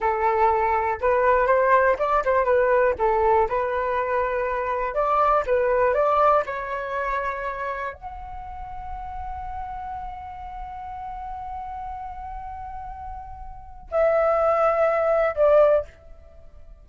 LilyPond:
\new Staff \with { instrumentName = "flute" } { \time 4/4 \tempo 4 = 121 a'2 b'4 c''4 | d''8 c''8 b'4 a'4 b'4~ | b'2 d''4 b'4 | d''4 cis''2. |
fis''1~ | fis''1~ | fis''1 | e''2. d''4 | }